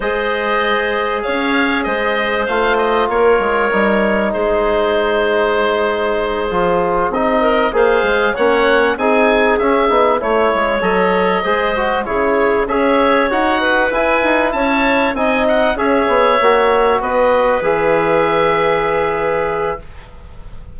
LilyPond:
<<
  \new Staff \with { instrumentName = "oboe" } { \time 4/4 \tempo 4 = 97 dis''2 f''4 dis''4 | f''8 dis''8 cis''2 c''4~ | c''2.~ c''8 dis''8~ | dis''8 f''4 fis''4 gis''4 e''8~ |
e''8 cis''4 dis''2 cis''8~ | cis''8 e''4 fis''4 gis''4 a''8~ | a''8 gis''8 fis''8 e''2 dis''8~ | dis''8 e''2.~ e''8 | }
  \new Staff \with { instrumentName = "clarinet" } { \time 4/4 c''2 cis''4 c''4~ | c''4 ais'2 gis'4~ | gis'1 | ais'8 c''4 cis''4 gis'4.~ |
gis'8 cis''2 c''4 gis'8~ | gis'8 cis''4. b'4. cis''8~ | cis''8 dis''4 cis''2 b'8~ | b'1 | }
  \new Staff \with { instrumentName = "trombone" } { \time 4/4 gis'1 | f'2 dis'2~ | dis'2~ dis'8 f'4 dis'8~ | dis'8 gis'4 cis'4 dis'4 cis'8 |
dis'8 e'4 a'4 gis'8 fis'8 e'8~ | e'8 gis'4 fis'4 e'4.~ | e'8 dis'4 gis'4 fis'4.~ | fis'8 gis'2.~ gis'8 | }
  \new Staff \with { instrumentName = "bassoon" } { \time 4/4 gis2 cis'4 gis4 | a4 ais8 gis8 g4 gis4~ | gis2~ gis8 f4 c'8~ | c'8 ais8 gis8 ais4 c'4 cis'8 |
b8 a8 gis8 fis4 gis4 cis8~ | cis8 cis'4 dis'4 e'8 dis'8 cis'8~ | cis'8 c'4 cis'8 b8 ais4 b8~ | b8 e2.~ e8 | }
>>